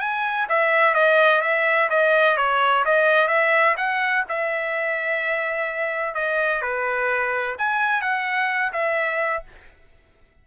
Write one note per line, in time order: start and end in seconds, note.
0.00 0.47 G#5
0.49 0.94 E5
0.94 1.42 D#5
1.42 1.89 E5
1.90 2.37 D#5
2.37 2.84 C#5
2.85 3.28 D#5
3.28 3.75 E5
3.77 4.24 F#5
4.29 6.15 E5
6.15 6.62 D#5
6.62 7.56 B4
7.58 8.01 G#5
8.01 8.72 F#5
8.73 9.43 E5